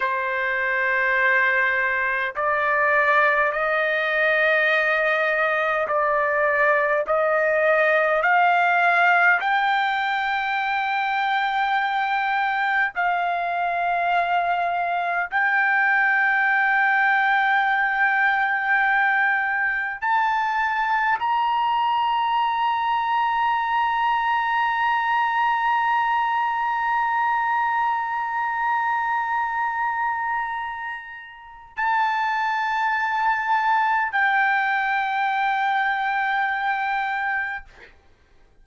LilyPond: \new Staff \with { instrumentName = "trumpet" } { \time 4/4 \tempo 4 = 51 c''2 d''4 dis''4~ | dis''4 d''4 dis''4 f''4 | g''2. f''4~ | f''4 g''2.~ |
g''4 a''4 ais''2~ | ais''1~ | ais''2. a''4~ | a''4 g''2. | }